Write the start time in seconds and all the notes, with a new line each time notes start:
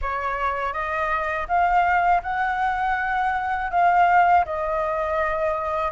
0.01 C#5
0.73 D#5
1.47 F5
2.23 F#5
3.70 F5
4.45 D#5